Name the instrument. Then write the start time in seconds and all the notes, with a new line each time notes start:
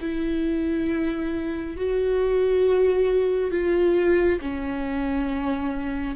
viola
0.00 E4
1.76 F#4
3.51 F4
4.41 C#4